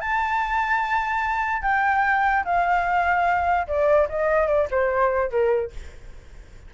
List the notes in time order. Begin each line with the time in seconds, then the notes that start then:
0.00 A5
1.62 G5
2.45 F5
3.67 D5
4.09 D#5
4.47 D5
4.71 C5
5.30 A#4